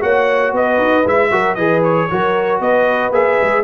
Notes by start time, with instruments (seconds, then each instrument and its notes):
0.00 tuba A#3, trombone F#4, horn C#5, trumpet F#5
0.52 tuba B3, horn B4, trumpet D#5
0.78 tuba D#4
1.05 tuba G#3, trombone E4, trumpet E5
1.31 tuba F#3, trombone F#4, horn A#4
1.55 tuba E3, trombone G#4, horn B4, trumpet D#5
1.83 trumpet C#5
2.10 tuba F#3, trombone F#4, horn A#4
2.60 tuba B3, horn B4, trumpet D#5
3.10 tuba A#3, trombone G#4, trumpet E5
3.41 tuba G#3